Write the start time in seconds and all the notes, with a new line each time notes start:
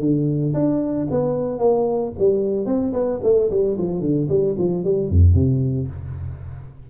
0.00 D3
0.54 D4
1.11 B3
1.59 A#3
2.19 G3
2.66 C4
2.93 B3
3.23 A3
3.50 G3
3.78 F3
4.01 D3
4.29 G3
4.59 F3
4.84 G3
5.09 F2
5.34 C3